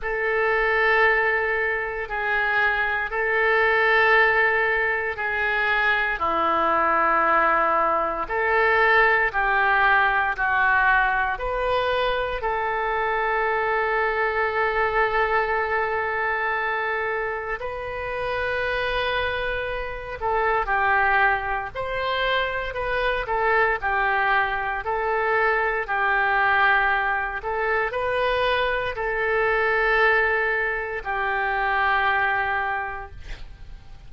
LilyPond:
\new Staff \with { instrumentName = "oboe" } { \time 4/4 \tempo 4 = 58 a'2 gis'4 a'4~ | a'4 gis'4 e'2 | a'4 g'4 fis'4 b'4 | a'1~ |
a'4 b'2~ b'8 a'8 | g'4 c''4 b'8 a'8 g'4 | a'4 g'4. a'8 b'4 | a'2 g'2 | }